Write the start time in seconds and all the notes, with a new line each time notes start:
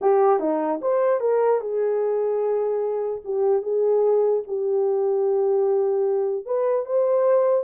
0.01 G4
0.39 D#4
0.81 C5
1.20 A#4
1.60 G#4
3.24 G4
3.62 G#4
4.47 G4
6.45 B4
6.85 C5